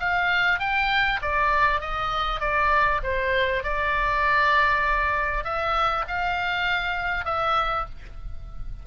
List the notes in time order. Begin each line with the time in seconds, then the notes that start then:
0.00 F5
0.60 G5
1.22 D5
1.81 D#5
2.40 D5
3.03 C5
3.64 D5
5.44 E5
6.08 F5
7.25 E5